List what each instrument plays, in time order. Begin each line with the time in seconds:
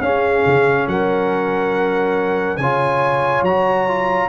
0.00 tuba C#4, trombone C#4, horn G#4, trumpet F5
0.46 tuba C#3
0.87 tuba F#3, horn A#4, trumpet F#5
2.57 tuba C#3, trombone F4, horn C#5, trumpet G#5
3.42 tuba F#3, trombone F#4, trumpet A#5
3.87 trombone F4